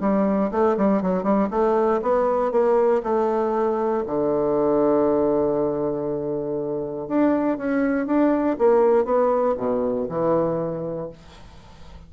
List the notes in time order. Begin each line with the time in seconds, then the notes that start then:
0.00 G3
0.51 A3
0.77 G3
1.02 F#3
1.23 G3
1.50 A3
2.02 B3
2.51 A#3
3.03 A3
4.06 D3
7.08 D4
7.57 C#4
8.06 D4
8.58 A#3
9.05 B3
9.57 B2
10.08 E3